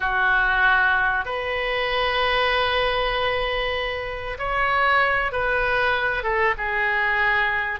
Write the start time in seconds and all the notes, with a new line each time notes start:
0.00 F#4
1.25 B4
4.38 C#5
5.32 B4
6.23 A4
6.57 G#4